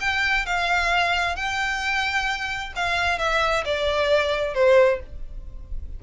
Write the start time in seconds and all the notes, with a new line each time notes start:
0.00 G5
0.46 F5
1.36 G5
2.75 F5
3.18 E5
3.65 D5
4.54 C5